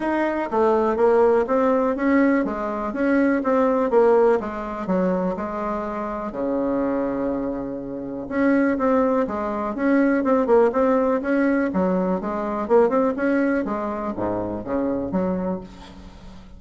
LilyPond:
\new Staff \with { instrumentName = "bassoon" } { \time 4/4 \tempo 4 = 123 dis'4 a4 ais4 c'4 | cis'4 gis4 cis'4 c'4 | ais4 gis4 fis4 gis4~ | gis4 cis2.~ |
cis4 cis'4 c'4 gis4 | cis'4 c'8 ais8 c'4 cis'4 | fis4 gis4 ais8 c'8 cis'4 | gis4 gis,4 cis4 fis4 | }